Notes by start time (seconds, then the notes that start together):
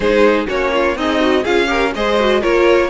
0.00 G#3 D#4 G#4 C5
0.47 A#3 C#4 F#4 C#5
0.72 F4
0.95 C4 D#4 G#4 D#5
1.20 F#4
1.42 C#4 F4 G#4 F5
1.67 G4 A#4
1.94 G#3 G#4 C5 D#5
2.19 F#4
2.40 A#3 F4 A#4 C#5